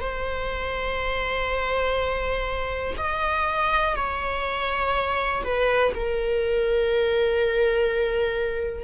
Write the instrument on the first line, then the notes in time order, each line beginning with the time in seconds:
viola
0.00 C5
2.97 D#5
3.96 C#5
5.43 B4
5.95 A#4